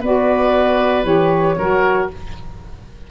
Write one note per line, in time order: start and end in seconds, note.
0.00 1.04 B3
0.00 1.03 F#4
0.00 1.55 B4
0.00 1.04 D5
1.03 1.55 E3
1.03 1.55 G4
1.03 2.08 C#5
1.58 2.09 F#3
1.58 2.10 F#4
1.58 2.09 A#4